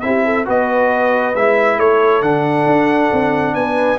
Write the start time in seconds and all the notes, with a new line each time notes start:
0.00 C4 E4 G4 E5
0.24 A4
0.45 B3 F#4 B4 D#5
1.34 G#3 E4 E5
1.77 A3 A4 C#5
2.22 D3 D4 F#5
2.66 D4
3.12 C4
3.54 B3 B4 G#5